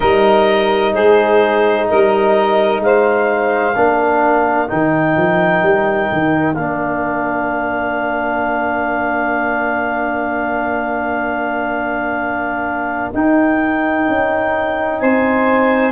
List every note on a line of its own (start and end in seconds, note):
0.00 0.95 G3
0.00 3.74 D#4
0.00 0.92 A#4
0.00 0.94 D#5
0.92 1.88 G#3
0.92 1.85 G#4
0.92 1.88 C5
1.88 2.79 G3
1.88 2.83 A#4
1.88 2.82 D#5
2.79 3.73 G#3
2.79 3.77 C5
2.79 4.68 F5
3.75 4.69 A#3
3.75 4.67 D4
3.75 15.01 A#4
4.67 5.16 D#3
4.67 6.55 D#4
4.67 6.54 G5
5.16 5.62 F3
5.62 6.09 G3
6.12 6.55 D#3
6.54 13.12 A#3
6.54 13.13 D4
6.54 13.10 F5
13.13 14.07 D#4
13.13 15.92 D#4
13.13 14.99 G5
14.07 15.01 C#4
14.99 15.92 C4
14.99 15.92 C5
14.99 15.92 G#5